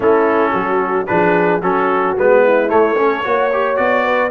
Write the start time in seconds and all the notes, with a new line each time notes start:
0.00 A3 C#4 E4 A4
0.51 F#3 F#4
1.06 F3 D4 G#4 B4
1.61 F#3 C#4 F#4 A4
2.17 G#3 B3 B4
2.43 E4
2.68 A3 C#5
2.96 C#4 A4
3.23 A#3 F#4 C#5
3.53 G4
3.76 B3 F#4 D5
4.04 B4